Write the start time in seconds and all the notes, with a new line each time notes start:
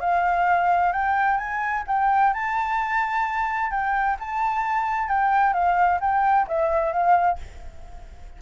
0.00 F5
0.92 G5
1.37 G#5
1.87 G5
2.33 A5
3.70 G5
4.19 A5
5.08 G5
5.53 F5
6.00 G5
6.47 E5
6.92 F5